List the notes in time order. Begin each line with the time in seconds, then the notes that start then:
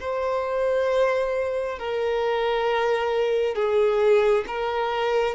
0.00 C5
1.79 A#4
3.55 G#4
4.47 A#4